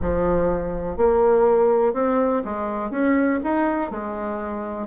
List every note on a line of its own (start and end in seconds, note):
0.01 0.96 F3
0.96 1.93 A#3
1.93 2.42 C4
2.44 2.90 G#3
2.90 3.39 C#4
3.43 3.90 D#4
3.90 4.87 G#3